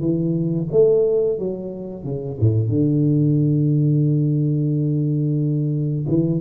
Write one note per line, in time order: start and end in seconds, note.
0.00 0.67 E3
0.72 1.38 A3
1.38 2.03 F#3
2.03 2.37 C#3
2.40 2.68 A2
2.68 6.06 D3
6.08 6.40 E3